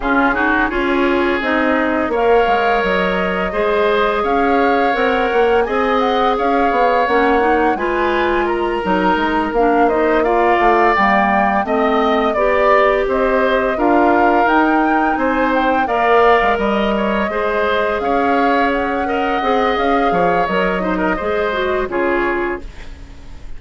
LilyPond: <<
  \new Staff \with { instrumentName = "flute" } { \time 4/4 \tempo 4 = 85 gis'4 cis''4 dis''4 f''4 | dis''2 f''4 fis''4 | gis''8 fis''8 f''4 fis''4 gis''4 | ais''4. f''8 dis''8 f''4 g''8~ |
g''8 dis''4 d''4 dis''4 f''8~ | f''8 g''4 gis''8 g''8 f''4 dis''8~ | dis''4. f''4 fis''4. | f''4 dis''2 cis''4 | }
  \new Staff \with { instrumentName = "oboe" } { \time 4/4 f'8 fis'8 gis'2 cis''4~ | cis''4 c''4 cis''2 | dis''4 cis''2 b'4 | ais'2 c''8 d''4.~ |
d''8 dis''4 d''4 c''4 ais'8~ | ais'4. c''4 d''4 dis''8 | cis''8 c''4 cis''4. dis''4~ | dis''8 cis''4 c''16 ais'16 c''4 gis'4 | }
  \new Staff \with { instrumentName = "clarinet" } { \time 4/4 cis'8 dis'8 f'4 dis'4 ais'4~ | ais'4 gis'2 ais'4 | gis'2 cis'8 dis'8 f'4~ | f'8 dis'4 d'8 dis'8 f'4 ais8~ |
ais8 c'4 g'2 f'8~ | f'8 dis'2 ais'4.~ | ais'8 gis'2~ gis'8 ais'8 gis'8~ | gis'4 ais'8 dis'8 gis'8 fis'8 f'4 | }
  \new Staff \with { instrumentName = "bassoon" } { \time 4/4 cis4 cis'4 c'4 ais8 gis8 | fis4 gis4 cis'4 c'8 ais8 | c'4 cis'8 b8 ais4 gis4~ | gis8 fis8 gis8 ais4. a8 g8~ |
g8 a4 b4 c'4 d'8~ | d'8 dis'4 c'4 ais8. gis16 g8~ | g8 gis4 cis'2 c'8 | cis'8 f8 fis4 gis4 cis4 | }
>>